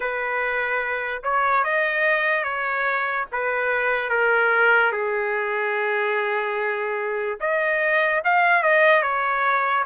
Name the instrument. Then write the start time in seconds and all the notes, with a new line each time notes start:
trumpet
0.00 B4
1.23 C#5
1.64 D#5
2.43 C#5
3.32 B4
4.09 A#4
4.92 G#4
7.40 D#5
8.24 F5
8.62 D#5
9.02 C#5